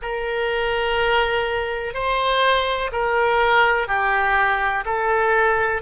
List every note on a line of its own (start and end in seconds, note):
0.01 1.94 A#4
1.94 2.90 C5
2.92 3.87 A#4
3.87 4.84 G4
4.85 5.82 A4